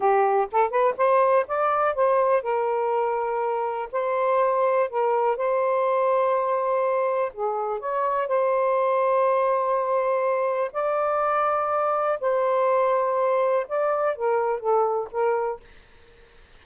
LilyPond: \new Staff \with { instrumentName = "saxophone" } { \time 4/4 \tempo 4 = 123 g'4 a'8 b'8 c''4 d''4 | c''4 ais'2. | c''2 ais'4 c''4~ | c''2. gis'4 |
cis''4 c''2.~ | c''2 d''2~ | d''4 c''2. | d''4 ais'4 a'4 ais'4 | }